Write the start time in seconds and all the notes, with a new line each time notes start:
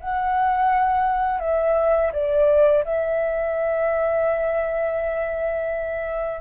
0.00 F#5
1.40 E5
2.13 D5
2.85 E5